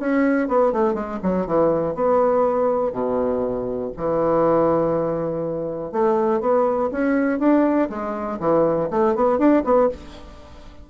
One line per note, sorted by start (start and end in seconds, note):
0.00 0.48 C#4
0.48 0.73 B3
0.73 0.94 A3
0.94 1.19 G#3
1.23 1.47 F#3
1.47 1.95 E3
1.95 2.93 B3
2.93 3.92 B2
3.97 5.93 E3
5.93 6.41 A3
6.41 6.90 B3
6.92 7.39 C#4
7.39 7.89 D4
7.90 8.40 G#3
8.40 8.89 E3
8.91 9.15 A3
9.15 9.39 B3
9.39 9.63 D4
9.65 9.89 B3